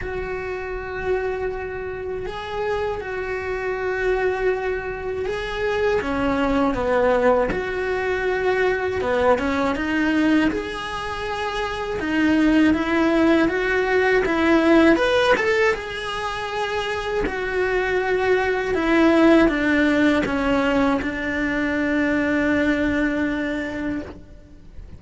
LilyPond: \new Staff \with { instrumentName = "cello" } { \time 4/4 \tempo 4 = 80 fis'2. gis'4 | fis'2. gis'4 | cis'4 b4 fis'2 | b8 cis'8 dis'4 gis'2 |
dis'4 e'4 fis'4 e'4 | b'8 a'8 gis'2 fis'4~ | fis'4 e'4 d'4 cis'4 | d'1 | }